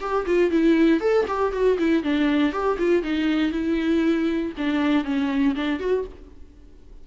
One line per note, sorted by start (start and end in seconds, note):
0.00 0.25 G4
0.25 0.50 F4
0.50 1.00 E4
1.00 1.25 A4
1.27 1.52 G4
1.52 1.77 F#4
1.78 2.03 E4
2.03 2.52 D4
2.52 2.78 G4
2.78 3.03 F4
3.03 3.51 D#4
3.51 4.52 E4
4.57 5.04 D4
5.04 5.54 C#4
5.55 5.79 D4
5.79 6.05 F#4